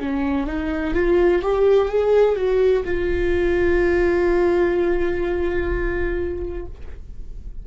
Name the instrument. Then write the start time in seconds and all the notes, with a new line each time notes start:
viola
0.00 C#4
0.47 D#4
0.95 F4
1.42 G4
1.89 G#4
2.36 F#4
2.85 F4